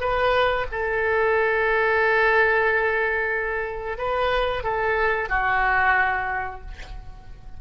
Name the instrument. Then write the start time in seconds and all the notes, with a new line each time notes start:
oboe
0.00 B4
0.71 A4
3.98 B4
4.63 A4
5.29 F#4